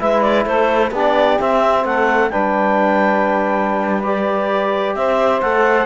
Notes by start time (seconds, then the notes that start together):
0.00 G#3 E4 B4 E5
0.22 D5
0.46 A3 A4 C5
0.91 B3 D4 G4 D5
1.40 C4 E5
1.85 A3 A4 F#5
2.30 G3 D4 B4 G5
4.03 G4 D5
4.95 C4 C5 E5
5.42 A3 A4 F#5